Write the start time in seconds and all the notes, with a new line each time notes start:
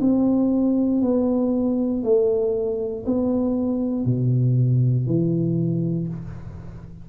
0.00 C4
1.02 B3
2.03 A3
3.06 B3
4.05 B2
5.07 E3